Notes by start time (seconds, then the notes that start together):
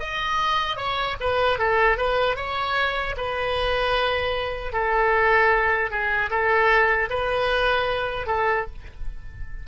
0.00 D#5
0.77 C#5
1.21 B4
1.59 A4
1.98 B4
2.36 C#5
3.18 B4
4.73 A4
5.91 G#4
6.31 A4
7.10 B4
8.27 A4